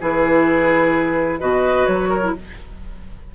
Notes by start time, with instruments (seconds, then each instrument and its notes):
0.00 bassoon E3, clarinet E4, oboe G#4, flute B4
1.39 bassoon B2, clarinet F#4, oboe B4, flute D#5
1.86 bassoon F#3, flute C#5
2.09 oboe A#4
2.23 clarinet E4